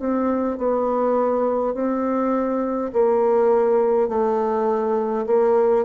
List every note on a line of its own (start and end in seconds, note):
0.00 0.58 C4
0.58 1.74 B3
1.74 2.92 C4
2.93 4.09 A#3
4.09 5.27 A3
5.27 5.86 A#3